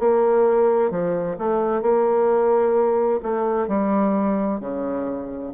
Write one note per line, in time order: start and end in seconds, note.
0.00 0.91 A#3
0.91 1.37 F3
1.39 1.82 A3
1.82 3.21 A#3
3.23 3.68 A3
3.68 4.61 G3
4.61 5.53 C#3